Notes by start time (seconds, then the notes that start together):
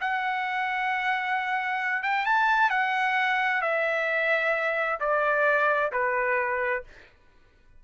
0.00 F#5
2.03 G5
2.25 A5
2.70 F#5
3.61 E5
5.00 D5
5.92 B4